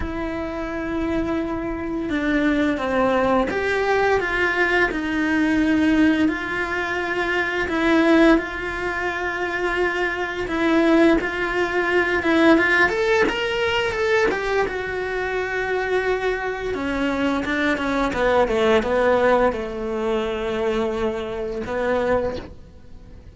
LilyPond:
\new Staff \with { instrumentName = "cello" } { \time 4/4 \tempo 4 = 86 e'2. d'4 | c'4 g'4 f'4 dis'4~ | dis'4 f'2 e'4 | f'2. e'4 |
f'4. e'8 f'8 a'8 ais'4 | a'8 g'8 fis'2. | cis'4 d'8 cis'8 b8 a8 b4 | a2. b4 | }